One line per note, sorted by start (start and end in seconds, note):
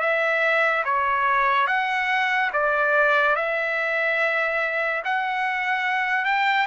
0.00 0.83 E5
0.84 1.67 C#5
1.67 2.50 F#5
2.53 3.36 D5
3.36 5.02 E5
5.05 6.25 F#5
6.25 6.66 G5